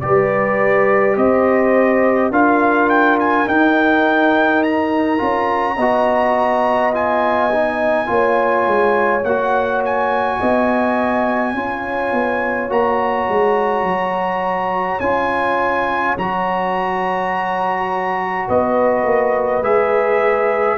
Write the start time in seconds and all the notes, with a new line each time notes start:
0.00 G3 G4 B4 D5
1.16 C4 C5 D#5
2.30 D4 F4 A#4 F5
2.89 G5
3.19 G#5
3.47 D#4 G5
4.63 A#5
5.18 C#4 F4
5.76 B3 F#4 D#5
6.93 F4 G#5
7.52 D#4
8.06 A#3 F4 C#5
8.66 G#3
9.24 A#3 F#4 F#5
9.85 G#5
10.39 B3 D#5
11.52 C#4 F4 C#5
12.12 B3
12.69 A#3 F#4 A#5
13.28 G#3
13.83 F#3
15.00 C#4 F4 G#5
16.17 F#3 F#4 A#5
18.47 B3 B4 D#5
19.03 A#3
19.61 G#3 G#4 E5